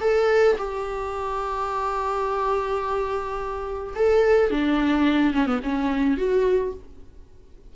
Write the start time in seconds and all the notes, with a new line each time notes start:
0.00 A4
0.57 G4
3.95 A4
4.50 D4
5.33 C#4
5.46 B3
5.63 C#4
6.17 F#4